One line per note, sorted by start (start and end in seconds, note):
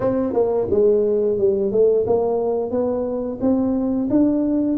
0.00 0.33 C4
0.33 0.67 A#3
0.70 1.38 G#3
1.38 1.71 G3
1.71 2.05 A3
2.06 2.70 A#3
2.70 3.38 B3
3.40 4.08 C4
4.09 4.77 D4